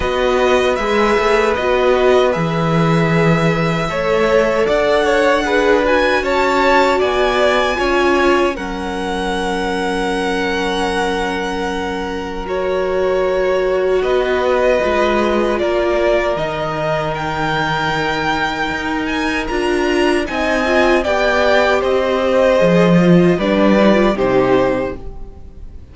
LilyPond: <<
  \new Staff \with { instrumentName = "violin" } { \time 4/4 \tempo 4 = 77 dis''4 e''4 dis''4 e''4~ | e''2 fis''4. gis''8 | a''4 gis''2 fis''4~ | fis''1 |
cis''2 dis''2 | d''4 dis''4 g''2~ | g''8 gis''8 ais''4 gis''4 g''4 | dis''2 d''4 c''4 | }
  \new Staff \with { instrumentName = "violin" } { \time 4/4 b'1~ | b'4 cis''4 d''8 cis''8 b'4 | cis''4 d''4 cis''4 ais'4~ | ais'1~ |
ais'2 b'2 | ais'1~ | ais'2 dis''4 d''4 | c''2 b'4 g'4 | }
  \new Staff \with { instrumentName = "viola" } { \time 4/4 fis'4 gis'4 fis'4 gis'4~ | gis'4 a'2 gis'8 fis'8~ | fis'2 f'4 cis'4~ | cis'1 |
fis'2. f'4~ | f'4 dis'2.~ | dis'4 f'4 dis'8 f'8 g'4~ | g'4 gis'8 f'8 d'8 dis'16 f'16 dis'4 | }
  \new Staff \with { instrumentName = "cello" } { \time 4/4 b4 gis8 a8 b4 e4~ | e4 a4 d'2 | cis'4 b4 cis'4 fis4~ | fis1~ |
fis2 b4 gis4 | ais4 dis2. | dis'4 d'4 c'4 b4 | c'4 f4 g4 c4 | }
>>